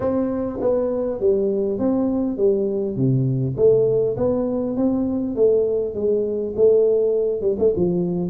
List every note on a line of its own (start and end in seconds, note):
0.00 0.59 C4
0.60 1.19 B3
1.19 1.78 G3
1.78 2.37 C4
2.37 2.96 G3
2.96 3.55 C3
3.56 4.16 A3
4.17 4.76 B3
4.76 5.35 C4
5.35 5.94 A3
5.94 6.53 G#3
6.56 7.41 A3
7.41 7.56 G3
7.59 7.73 A3
7.76 8.30 F3